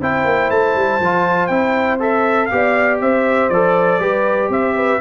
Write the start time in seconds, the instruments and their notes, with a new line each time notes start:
0.00 tuba C4, trombone E4, horn C5, trumpet G5
0.25 tuba A#3
0.51 tuba A3, trumpet A5
0.76 tuba G3
1.00 tuba F3, trombone F4
1.47 tuba C4, trombone E4, trumpet G5
2.00 trombone A4, trumpet E5
2.46 tuba B3, trombone G4, trumpet F5
2.55 horn D5
3.01 tuba C4, horn C5, trumpet E5
3.50 tuba F3, trombone A4, trumpet D5
4.00 tuba G3, trombone G4, horn B4
4.49 tuba C4, horn C5, trumpet E5
4.76 horn B4